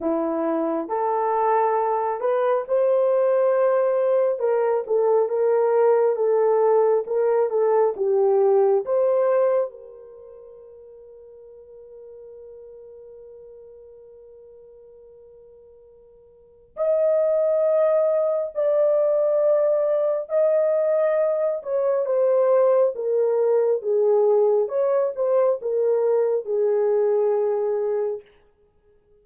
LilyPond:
\new Staff \with { instrumentName = "horn" } { \time 4/4 \tempo 4 = 68 e'4 a'4. b'8 c''4~ | c''4 ais'8 a'8 ais'4 a'4 | ais'8 a'8 g'4 c''4 ais'4~ | ais'1~ |
ais'2. dis''4~ | dis''4 d''2 dis''4~ | dis''8 cis''8 c''4 ais'4 gis'4 | cis''8 c''8 ais'4 gis'2 | }